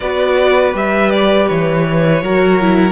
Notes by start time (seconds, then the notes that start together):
0.00 B3 F#4 B4 D5
0.72 G3 G4 E5
1.10 D5
1.47 E3 C#5
2.21 F#3 F#4 A#4
2.60 E4